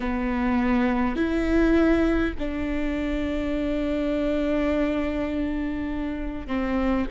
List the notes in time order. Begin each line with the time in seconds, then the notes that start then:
0.00 B3
1.16 E4
2.39 D4
6.47 C4